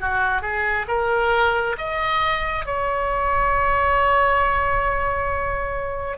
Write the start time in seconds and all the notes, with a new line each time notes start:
0.00 F#4
0.42 G#4
0.88 A#4
1.78 D#5
2.65 C#5